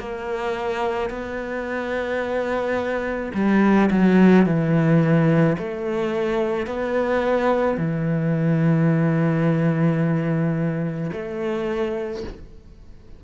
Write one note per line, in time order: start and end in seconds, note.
0.00 1.10 A#3
1.10 3.32 B3
3.34 3.90 G3
3.91 4.46 F#3
4.46 5.57 E3
5.59 6.67 A3
6.67 7.78 B3
7.78 11.11 E3
11.13 12.24 A3